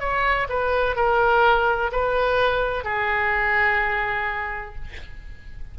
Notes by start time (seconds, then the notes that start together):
0.00 C#5
0.49 B4
0.96 A#4
1.92 B4
2.84 G#4